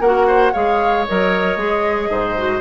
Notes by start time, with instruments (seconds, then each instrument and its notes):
0.00 bassoon A#3, clarinet F#4, oboe A#4, flute F#5
0.27 oboe C5
0.52 bassoon G#3, clarinet G#4, oboe C#5, flute F5
1.07 bassoon F#3, clarinet A#4, flute D#5
1.56 bassoon G#3, clarinet G#4
2.10 bassoon G#2, oboe C5
2.37 clarinet F#4